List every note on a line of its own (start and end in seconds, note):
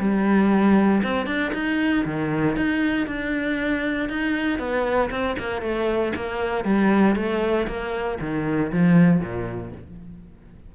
0.00 1.03 G3
1.04 1.27 C4
1.27 1.52 D4
1.54 2.05 D#4
2.06 2.57 D#3
2.57 3.07 D#4
3.07 4.10 D4
4.10 4.59 D#4
4.59 5.11 B3
5.11 5.37 C4
5.39 5.62 A#3
5.62 6.13 A3
6.16 6.65 A#3
6.65 7.16 G3
7.16 7.67 A3
7.68 8.19 A#3
8.21 8.72 D#3
8.73 9.21 F3
9.21 9.72 A#2